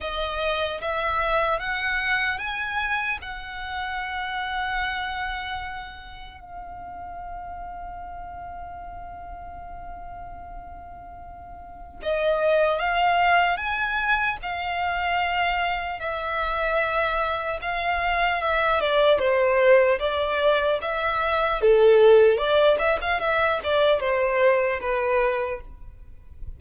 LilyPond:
\new Staff \with { instrumentName = "violin" } { \time 4/4 \tempo 4 = 75 dis''4 e''4 fis''4 gis''4 | fis''1 | f''1~ | f''2. dis''4 |
f''4 gis''4 f''2 | e''2 f''4 e''8 d''8 | c''4 d''4 e''4 a'4 | d''8 e''16 f''16 e''8 d''8 c''4 b'4 | }